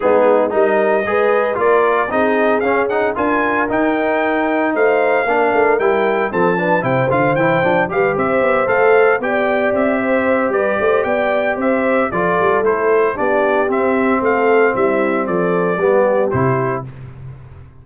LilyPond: <<
  \new Staff \with { instrumentName = "trumpet" } { \time 4/4 \tempo 4 = 114 gis'4 dis''2 d''4 | dis''4 f''8 fis''8 gis''4 g''4~ | g''4 f''2 g''4 | a''4 g''8 f''8 g''4 f''8 e''8~ |
e''8 f''4 g''4 e''4. | d''4 g''4 e''4 d''4 | c''4 d''4 e''4 f''4 | e''4 d''2 c''4 | }
  \new Staff \with { instrumentName = "horn" } { \time 4/4 dis'4 ais'4 b'4 ais'4 | gis'2 ais'2~ | ais'4 c''4 ais'2 | a'8 b'8 c''2 b'8 c''8~ |
c''4. d''4. c''4 | b'8 c''8 d''4 c''4 a'4~ | a'4 g'2 a'4 | e'4 a'4 g'2 | }
  \new Staff \with { instrumentName = "trombone" } { \time 4/4 b4 dis'4 gis'4 f'4 | dis'4 cis'8 dis'8 f'4 dis'4~ | dis'2 d'4 e'4 | c'8 d'8 e'8 f'8 e'8 d'8 g'4~ |
g'8 a'4 g'2~ g'8~ | g'2. f'4 | e'4 d'4 c'2~ | c'2 b4 e'4 | }
  \new Staff \with { instrumentName = "tuba" } { \time 4/4 gis4 g4 gis4 ais4 | c'4 cis'4 d'4 dis'4~ | dis'4 a4 ais8 a8 g4 | f4 c8 d8 e8 f8 g8 c'8 |
b8 a4 b4 c'4. | g8 a8 b4 c'4 f8 g8 | a4 b4 c'4 a4 | g4 f4 g4 c4 | }
>>